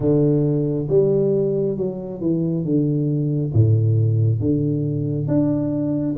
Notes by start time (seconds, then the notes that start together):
0.00 D3
0.88 G3
1.77 F#3
2.21 E3
2.64 D3
3.53 A2
4.40 D3
5.27 D4